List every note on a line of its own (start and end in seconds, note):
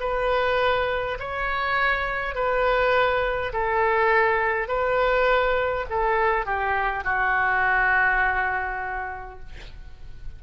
0.00 1.18 B4
1.19 2.35 C#5
2.35 3.52 B4
3.53 4.68 A4
4.68 5.86 B4
5.90 6.45 A4
6.45 7.04 G4
7.04 9.40 F#4